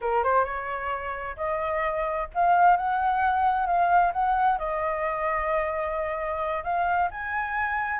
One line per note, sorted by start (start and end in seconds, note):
0.01 0.23 A#4
0.23 0.44 C5
0.44 1.36 C#5
1.36 2.28 D#5
2.34 2.76 F5
2.76 3.66 F#5
3.66 4.12 F5
4.13 4.58 F#5
4.58 6.63 D#5
6.63 7.09 F5
7.11 8.00 G#5